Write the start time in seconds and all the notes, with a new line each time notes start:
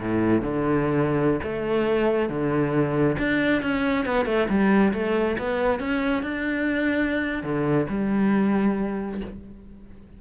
0.00 A2
0.42 D3
1.43 A3
2.29 D3
3.18 D4
3.62 C#4
4.06 B3
4.25 A3
4.49 G3
4.93 A3
5.38 B3
5.79 C#4
6.23 D4
7.43 D3
7.89 G3